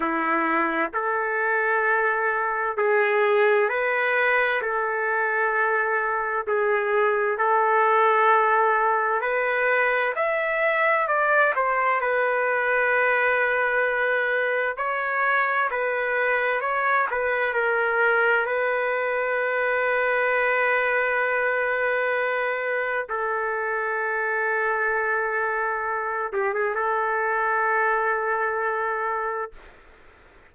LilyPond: \new Staff \with { instrumentName = "trumpet" } { \time 4/4 \tempo 4 = 65 e'4 a'2 gis'4 | b'4 a'2 gis'4 | a'2 b'4 e''4 | d''8 c''8 b'2. |
cis''4 b'4 cis''8 b'8 ais'4 | b'1~ | b'4 a'2.~ | a'8 g'16 gis'16 a'2. | }